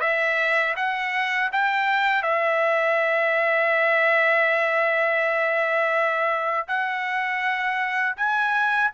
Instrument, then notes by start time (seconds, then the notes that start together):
trumpet
0.00 E5
0.76 F#5
1.52 G5
2.23 E5
6.67 F#5
8.16 G#5